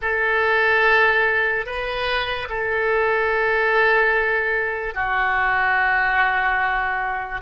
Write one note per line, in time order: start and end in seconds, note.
0.01 1.66 A4
1.66 2.48 B4
2.49 4.94 A4
4.94 7.41 F#4